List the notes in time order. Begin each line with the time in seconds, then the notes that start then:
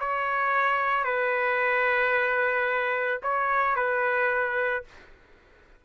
0.00 C#5
1.05 B4
3.23 C#5
3.76 B4